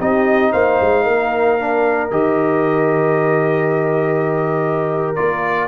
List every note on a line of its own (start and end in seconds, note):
0.00 0.54 C4
0.00 1.60 D#4
0.00 0.52 G4
0.00 0.53 D#5
0.52 0.80 A#3
0.52 1.05 C5
0.52 2.11 F5
0.81 1.07 G#3
1.05 2.11 A#3
1.05 5.68 A#4
1.60 2.11 D4
2.11 5.17 D#3
2.11 5.17 G4
2.11 5.16 D#5
5.16 5.68 A#3
5.16 5.68 F4
5.16 5.68 D5